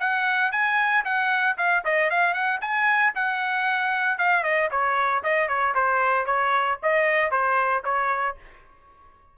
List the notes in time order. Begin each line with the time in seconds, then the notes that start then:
0.00 F#5
0.52 G#5
1.05 F#5
1.58 F5
1.85 D#5
2.10 F5
2.34 F#5
2.61 G#5
3.15 F#5
4.18 F5
4.43 D#5
4.71 C#5
5.24 D#5
5.48 C#5
5.75 C5
6.26 C#5
6.83 D#5
7.31 C5
7.84 C#5